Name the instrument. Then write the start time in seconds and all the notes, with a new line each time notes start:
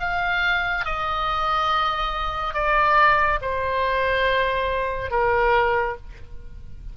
oboe
0.00 F5
0.85 D#5
2.54 D5
3.42 C5
5.11 A#4